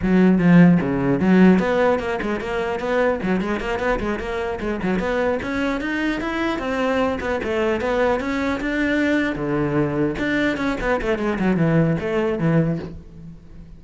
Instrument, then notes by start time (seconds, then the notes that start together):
cello
0.02 F#3
0.38 F3
0.81 C#3
1.20 F#3
1.59 B3
1.99 A#3
2.22 G#3
2.40 A#3
2.79 B3
3.22 F#3
3.40 G#3
3.59 A#3
3.79 B3
3.99 G#3
4.19 A#3
4.60 G#3
4.82 F#3
4.99 B3
5.42 C#4
5.80 D#4
6.21 E4
6.59 C4
7.20 B3
7.43 A3
7.81 B3
8.19 C#4
8.60 D4
9.35 D3
10.18 D4
10.57 C#4
10.80 B3
11.01 A3
11.18 G#3
11.39 F#3
11.57 E3
12.00 A3
12.39 E3